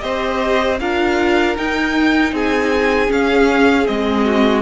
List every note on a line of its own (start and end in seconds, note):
0.00 0.80 C4
0.00 0.77 G4
0.00 0.80 C5
0.00 0.77 D#5
0.79 1.57 D4
0.79 1.56 F4
0.79 2.33 A#4
0.79 1.56 F5
1.56 3.07 D#4
1.56 2.32 D#4
1.56 2.34 G5
2.32 3.09 C4
2.32 4.25 G#4
2.32 3.11 G#5
3.07 3.84 C#4
3.07 3.87 C#4
3.07 3.86 F5
3.85 4.62 G#3
3.85 4.62 C4
3.85 4.62 D#5
4.25 4.62 F#4